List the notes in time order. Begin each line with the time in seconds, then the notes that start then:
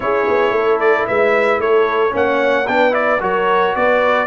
0.00 C#4 E4 G#4 C#5
0.27 B3
0.50 A3 A4
0.79 D5
1.07 G#3 B4 E5
1.58 A3 A4 C#5
2.10 A#3 C#4 C#5
2.16 F#5
2.67 B3 D4 B4 G5
2.91 E4 D5
3.20 F#3 F#4 A#4 C#5
3.75 B3 B4 D5